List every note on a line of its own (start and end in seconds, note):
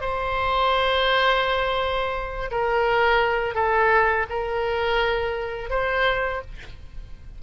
0.00 2.50 C5
2.51 3.55 A#4
3.55 4.26 A4
4.29 5.69 A#4
5.69 6.41 C5